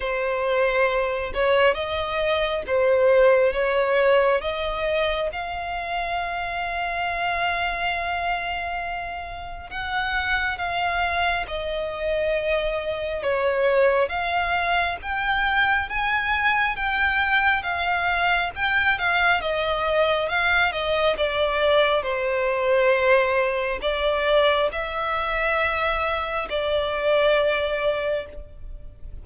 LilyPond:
\new Staff \with { instrumentName = "violin" } { \time 4/4 \tempo 4 = 68 c''4. cis''8 dis''4 c''4 | cis''4 dis''4 f''2~ | f''2. fis''4 | f''4 dis''2 cis''4 |
f''4 g''4 gis''4 g''4 | f''4 g''8 f''8 dis''4 f''8 dis''8 | d''4 c''2 d''4 | e''2 d''2 | }